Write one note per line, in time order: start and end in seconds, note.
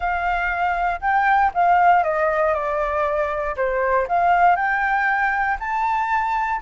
0.00 1.00 F5
1.00 1.51 G5
1.53 2.03 F5
2.03 2.54 D#5
2.54 3.55 D5
3.56 4.07 C5
4.08 4.56 F5
4.56 5.57 G5
5.59 6.61 A5